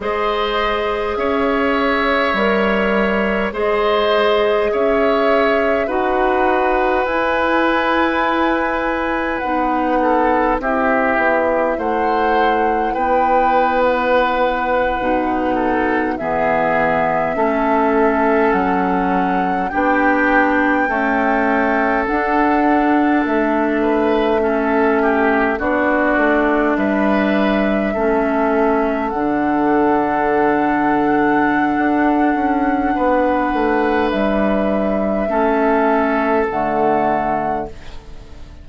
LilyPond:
<<
  \new Staff \with { instrumentName = "flute" } { \time 4/4 \tempo 4 = 51 dis''4 e''2 dis''4 | e''4 fis''4 gis''2 | fis''4 e''4 fis''4 g''8. fis''16~ | fis''4.~ fis''16 e''2 fis''16~ |
fis''8. g''2 fis''4 e''16~ | e''4.~ e''16 d''4 e''4~ e''16~ | e''8. fis''2.~ fis''16~ | fis''4 e''2 fis''4 | }
  \new Staff \with { instrumentName = "oboe" } { \time 4/4 c''4 cis''2 c''4 | cis''4 b'2.~ | b'8 a'8 g'4 c''4 b'4~ | b'4~ b'16 a'8 gis'4 a'4~ a'16~ |
a'8. g'4 a'2~ a'16~ | a'16 b'8 a'8 g'8 fis'4 b'4 a'16~ | a'1 | b'2 a'2 | }
  \new Staff \with { instrumentName = "clarinet" } { \time 4/4 gis'2 ais'4 gis'4~ | gis'4 fis'4 e'2 | dis'4 e'2.~ | e'8. dis'4 b4 cis'4~ cis'16~ |
cis'8. d'4 a4 d'4~ d'16~ | d'8. cis'4 d'2 cis'16~ | cis'8. d'2.~ d'16~ | d'2 cis'4 a4 | }
  \new Staff \with { instrumentName = "bassoon" } { \time 4/4 gis4 cis'4 g4 gis4 | cis'4 dis'4 e'2 | b4 c'8 b8 a4 b4~ | b8. b,4 e4 a4 fis16~ |
fis8. b4 cis'4 d'4 a16~ | a4.~ a16 b8 a8 g4 a16~ | a8. d2~ d16 d'8 cis'8 | b8 a8 g4 a4 d4 | }
>>